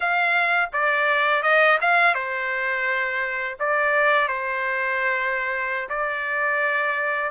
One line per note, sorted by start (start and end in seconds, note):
0.00 0.69 F5
0.72 1.43 D5
1.43 1.78 D#5
1.81 2.14 F5
2.14 3.57 C5
3.59 4.28 D5
4.28 5.88 C5
5.89 7.30 D5